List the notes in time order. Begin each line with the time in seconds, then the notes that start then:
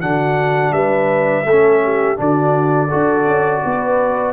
0.00 D3 D4 F#4 F#5
0.72 G3 B4 E5
1.45 A3 A4
1.51 C#4
1.83 G4
2.16 D3 D4 F#4 D5
2.88 D4 F#4 A4
3.26 C#4
3.63 B3 B4